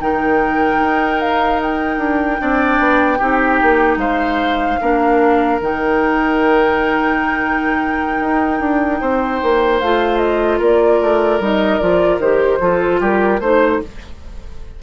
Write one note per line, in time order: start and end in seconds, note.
0.00 0.79 D#3
0.00 2.38 D#4
0.00 2.42 A#4
0.00 1.21 G5
0.79 1.98 D#4
1.21 1.61 F5
1.62 3.99 G5
1.98 2.38 D4
2.38 2.79 C4
2.38 3.18 D4
2.38 3.18 D5
2.79 3.19 B3
3.18 3.61 C4
3.18 4.80 D#4
3.18 3.98 G4
3.62 3.97 A#3
3.97 4.77 G#3
3.97 4.79 C5
3.97 5.59 F5
4.80 5.61 A#3
4.80 5.60 D4
4.80 9.01 A#4
5.61 8.20 D#3
5.61 9.82 D#4
5.61 9.80 G5
8.20 8.60 D#4
8.60 9.00 D4
9.01 9.41 C4
9.01 10.59 C5
9.42 9.82 A#3
9.80 10.60 A3
9.80 11.41 F4
9.80 10.18 F5
10.18 10.58 D#5
10.59 11.00 A#3
10.59 12.59 A#4
10.59 11.42 D5
11.01 11.40 A3
11.40 11.79 G3
11.40 11.80 D#4
11.40 11.79 D#5
11.79 12.18 F3
11.79 12.20 F4
11.79 12.19 D5
12.18 12.58 D#3
12.18 12.60 G4
12.18 13.01 C5
12.60 13.01 F3
12.60 13.40 F4
12.60 13.00 A4
13.00 13.40 G3
13.00 13.40 G4
13.00 13.40 A#4
13.40 13.80 A3
13.40 13.83 D#4
13.40 13.80 C5
13.40 13.81 C5